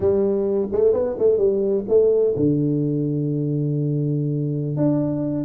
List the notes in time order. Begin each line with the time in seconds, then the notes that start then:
0.00 G3
0.71 A3
0.93 B3
1.18 A3
1.37 G3
1.88 A3
2.36 D3
4.76 D4